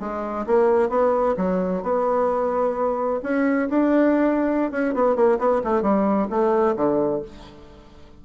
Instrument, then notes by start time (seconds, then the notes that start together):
bassoon
0.00 G#3
0.47 A#3
0.90 B3
1.37 F#3
1.83 B3
3.23 C#4
3.69 D4
4.71 C#4
4.94 B3
5.16 A#3
5.39 B3
5.64 A3
5.82 G3
6.30 A3
6.76 D3